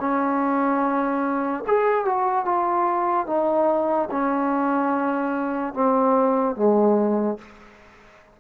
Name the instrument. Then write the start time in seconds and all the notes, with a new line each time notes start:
trombone
0.00 C#4
1.67 G#4
2.05 F#4
2.45 F4
3.27 D#4
4.11 C#4
5.74 C4
6.56 G#3